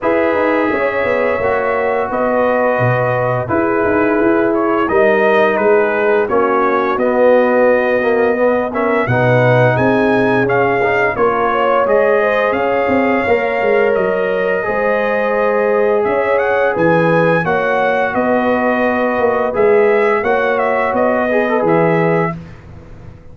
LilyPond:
<<
  \new Staff \with { instrumentName = "trumpet" } { \time 4/4 \tempo 4 = 86 e''2. dis''4~ | dis''4 b'4. cis''8 dis''4 | b'4 cis''4 dis''2~ | dis''8 e''8 fis''4 gis''4 f''4 |
cis''4 dis''4 f''2 | dis''2. e''8 fis''8 | gis''4 fis''4 dis''2 | e''4 fis''8 e''8 dis''4 e''4 | }
  \new Staff \with { instrumentName = "horn" } { \time 4/4 b'4 cis''2 b'4~ | b'4 gis'2 ais'4 | gis'4 fis'2. | b'8 ais'8 b'4 gis'2 |
ais'8 cis''4 c''8 cis''2~ | cis''4 c''2 cis''4 | b'4 cis''4 b'2~ | b'4 cis''4. b'4. | }
  \new Staff \with { instrumentName = "trombone" } { \time 4/4 gis'2 fis'2~ | fis'4 e'2 dis'4~ | dis'4 cis'4 b4. ais8 | b8 cis'8 dis'2 cis'8 dis'8 |
f'4 gis'2 ais'4~ | ais'4 gis'2.~ | gis'4 fis'2. | gis'4 fis'4. gis'16 a'16 gis'4 | }
  \new Staff \with { instrumentName = "tuba" } { \time 4/4 e'8 dis'8 cis'8 b8 ais4 b4 | b,4 e'8 dis'8 e'4 g4 | gis4 ais4 b2~ | b4 b,4 c'4 cis'4 |
ais4 gis4 cis'8 c'8 ais8 gis8 | fis4 gis2 cis'4 | e4 ais4 b4. ais8 | gis4 ais4 b4 e4 | }
>>